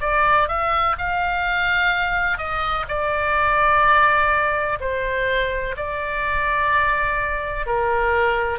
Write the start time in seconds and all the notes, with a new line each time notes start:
0.00 D5
0.48 E5
0.98 F5
2.38 D#5
2.88 D5
4.80 C5
5.76 D5
7.66 A#4